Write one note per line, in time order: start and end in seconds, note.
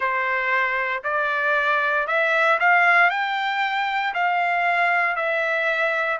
0.00 1.03 C5
1.03 2.07 D5
2.07 2.59 E5
2.59 3.10 F5
3.10 4.13 G5
4.14 5.15 F5
5.15 6.19 E5